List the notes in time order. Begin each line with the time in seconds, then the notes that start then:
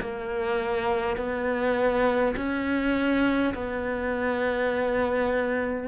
0.00 A#3
1.17 B3
2.36 C#4
3.54 B3